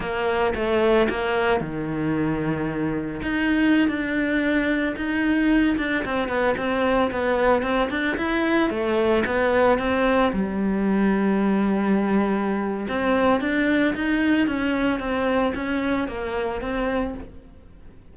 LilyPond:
\new Staff \with { instrumentName = "cello" } { \time 4/4 \tempo 4 = 112 ais4 a4 ais4 dis4~ | dis2 dis'4~ dis'16 d'8.~ | d'4~ d'16 dis'4. d'8 c'8 b16~ | b16 c'4 b4 c'8 d'8 e'8.~ |
e'16 a4 b4 c'4 g8.~ | g1 | c'4 d'4 dis'4 cis'4 | c'4 cis'4 ais4 c'4 | }